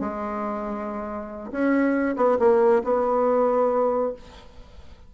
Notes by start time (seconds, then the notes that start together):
0.00 G#3
1.51 C#4
2.16 B3
2.39 A#3
2.84 B3